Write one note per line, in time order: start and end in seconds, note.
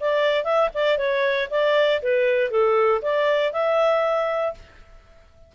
0.00 0.44 D5
0.44 0.69 E5
0.74 0.98 D5
0.98 1.48 C#5
1.50 2.01 D5
2.02 2.50 B4
2.50 3.01 A4
3.01 3.52 D5
3.52 4.54 E5